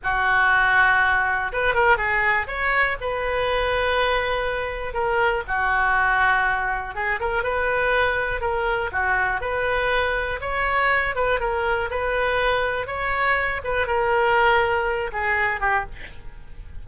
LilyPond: \new Staff \with { instrumentName = "oboe" } { \time 4/4 \tempo 4 = 121 fis'2. b'8 ais'8 | gis'4 cis''4 b'2~ | b'2 ais'4 fis'4~ | fis'2 gis'8 ais'8 b'4~ |
b'4 ais'4 fis'4 b'4~ | b'4 cis''4. b'8 ais'4 | b'2 cis''4. b'8 | ais'2~ ais'8 gis'4 g'8 | }